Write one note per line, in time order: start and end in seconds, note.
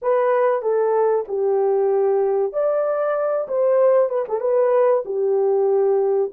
0.02 0.61 B4
0.61 1.25 A4
1.28 2.52 G4
2.52 3.47 D5
3.48 4.09 C5
4.09 4.25 B4
4.28 4.40 A4
4.40 5.03 B4
5.05 6.31 G4